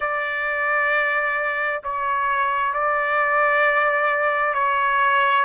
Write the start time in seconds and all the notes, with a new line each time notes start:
0.00 D5
1.83 C#5
2.73 D5
4.53 C#5